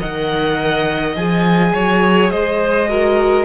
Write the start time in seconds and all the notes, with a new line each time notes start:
0.00 D#3 A#4 D#5 F#5
1.16 F3 G#4 G#5
1.74 F#3 C#5
2.31 G#3 C5 D#5
2.89 F#4 A#4